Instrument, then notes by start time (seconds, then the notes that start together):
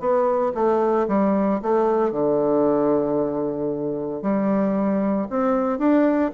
bassoon
0.00 B3
0.55 A3
1.08 G3
1.63 A3
2.12 D3
4.22 G3
5.30 C4
5.79 D4